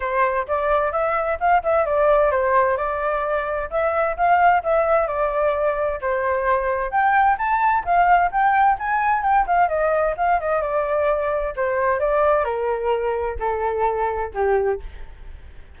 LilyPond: \new Staff \with { instrumentName = "flute" } { \time 4/4 \tempo 4 = 130 c''4 d''4 e''4 f''8 e''8 | d''4 c''4 d''2 | e''4 f''4 e''4 d''4~ | d''4 c''2 g''4 |
a''4 f''4 g''4 gis''4 | g''8 f''8 dis''4 f''8 dis''8 d''4~ | d''4 c''4 d''4 ais'4~ | ais'4 a'2 g'4 | }